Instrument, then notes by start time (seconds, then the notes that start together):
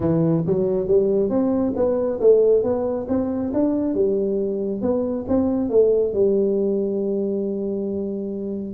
tuba
0.00 E3
0.46 F#3
0.87 G3
1.29 C4
1.75 B3
2.20 A3
2.63 B3
3.08 C4
3.53 D4
3.94 G3
4.81 B3
5.28 C4
5.69 A3
6.13 G3